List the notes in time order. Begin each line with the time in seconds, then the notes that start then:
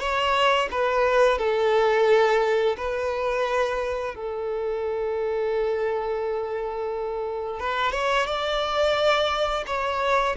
0.00 C#5
0.71 B4
1.39 A4
2.77 B4
4.15 A4
7.60 B4
7.92 C#5
8.27 D5
9.67 C#5